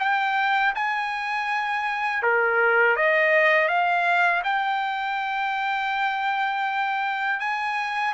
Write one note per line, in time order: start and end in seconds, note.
0.00 0.74 G5
0.76 2.23 G#5
2.23 2.97 A#4
2.97 3.69 D#5
3.69 4.43 F5
4.44 7.40 G5
7.40 8.14 G#5